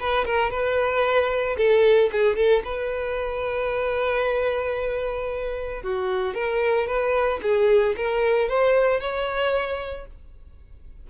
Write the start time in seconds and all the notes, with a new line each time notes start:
0.00 B4
0.25 A#4
0.50 B4
1.57 A4
2.12 G#4
2.36 A4
2.65 B4
5.83 F#4
6.35 A#4
6.87 B4
7.42 G#4
7.97 A#4
8.49 C5
9.00 C#5